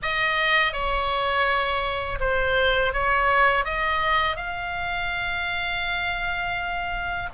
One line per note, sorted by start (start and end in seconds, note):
0.02 0.72 D#5
0.72 2.19 C#5
2.20 2.93 C5
2.93 3.64 C#5
3.64 4.36 D#5
4.36 7.29 F5